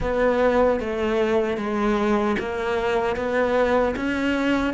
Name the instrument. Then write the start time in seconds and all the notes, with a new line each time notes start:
cello
0.00 B3
0.79 A3
1.57 G#3
2.39 A#3
3.16 B3
3.95 C#4